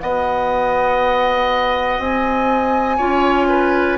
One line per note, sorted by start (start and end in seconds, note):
0.00 1.99 B3
0.00 2.99 F#4
0.00 2.98 D#5
0.00 2.01 F#5
1.99 2.99 C4
1.99 3.99 G#5
2.98 3.99 C#4
2.98 3.99 F4
2.98 3.48 C#5
3.49 3.99 B4